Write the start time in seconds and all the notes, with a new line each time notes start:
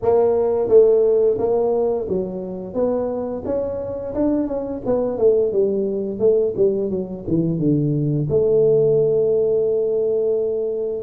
0.02 A#3
0.68 A3
1.38 A#3
2.08 F#3
2.74 B3
3.45 C#4
4.14 D4
4.47 C#4
4.85 B3
5.18 A3
5.52 G3
6.19 A3
6.56 G3
6.90 F#3
7.27 E3
7.59 D3
8.29 A3